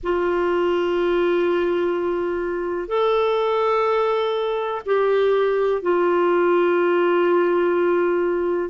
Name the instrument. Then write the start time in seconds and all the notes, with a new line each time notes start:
clarinet
0.03 F4
2.88 A4
4.85 G4
5.82 F4